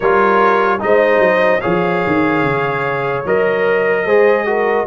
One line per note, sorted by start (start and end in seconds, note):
0.00 0.82 G3
0.00 0.79 F4
0.00 0.80 A#4
0.00 0.81 C#5
0.79 1.19 G#3
0.79 1.60 D#4
0.79 1.61 C5
0.79 1.60 D#5
1.19 1.59 F#3
1.60 2.05 F3
1.60 3.23 G#4
1.60 4.05 C#5
1.60 3.22 F5
2.06 2.42 D#3
2.42 3.23 C#3
3.25 4.05 F#3
3.25 4.07 A#4
3.25 4.86 D#5
4.05 4.86 G#3
4.05 4.46 G#4
4.05 4.46 C5
4.46 4.86 F#4
4.46 4.86 A#4